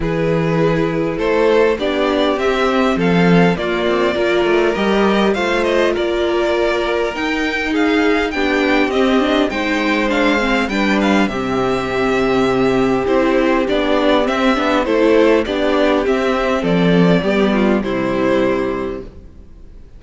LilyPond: <<
  \new Staff \with { instrumentName = "violin" } { \time 4/4 \tempo 4 = 101 b'2 c''4 d''4 | e''4 f''4 d''2 | dis''4 f''8 dis''8 d''2 | g''4 f''4 g''4 dis''4 |
g''4 f''4 g''8 f''8 e''4~ | e''2 c''4 d''4 | e''4 c''4 d''4 e''4 | d''2 c''2 | }
  \new Staff \with { instrumentName = "violin" } { \time 4/4 gis'2 a'4 g'4~ | g'4 a'4 f'4 ais'4~ | ais'4 c''4 ais'2~ | ais'4 gis'4 g'2 |
c''2 b'4 g'4~ | g'1~ | g'4 a'4 g'2 | a'4 g'8 f'8 e'2 | }
  \new Staff \with { instrumentName = "viola" } { \time 4/4 e'2. d'4 | c'2 ais4 f'4 | g'4 f'2. | dis'2 d'4 c'8 d'8 |
dis'4 d'8 c'8 d'4 c'4~ | c'2 e'4 d'4 | c'8 d'8 e'4 d'4 c'4~ | c'4 b4 g2 | }
  \new Staff \with { instrumentName = "cello" } { \time 4/4 e2 a4 b4 | c'4 f4 ais8 c'8 ais8 a8 | g4 a4 ais2 | dis'2 b4 c'4 |
gis2 g4 c4~ | c2 c'4 b4 | c'8 b8 a4 b4 c'4 | f4 g4 c2 | }
>>